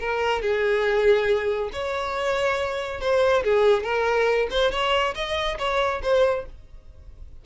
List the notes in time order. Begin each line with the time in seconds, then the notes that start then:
0.00 A#4
0.42 G#4
1.73 C#5
3.01 C5
3.44 G#4
3.83 A#4
4.51 C5
4.71 C#5
5.15 D#5
5.59 C#5
6.03 C5